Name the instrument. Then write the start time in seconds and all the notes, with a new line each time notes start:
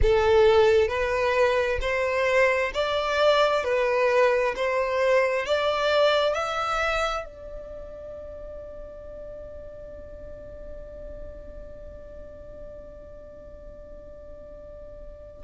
violin
0.02 A4
0.88 B4
1.81 C5
2.74 D5
3.64 B4
4.55 C5
5.45 D5
6.34 E5
7.25 D5